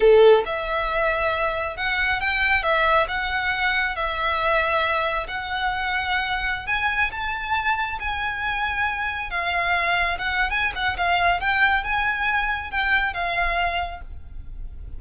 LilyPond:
\new Staff \with { instrumentName = "violin" } { \time 4/4 \tempo 4 = 137 a'4 e''2. | fis''4 g''4 e''4 fis''4~ | fis''4 e''2. | fis''2.~ fis''16 gis''8.~ |
gis''16 a''2 gis''4.~ gis''16~ | gis''4~ gis''16 f''2 fis''8. | gis''8 fis''8 f''4 g''4 gis''4~ | gis''4 g''4 f''2 | }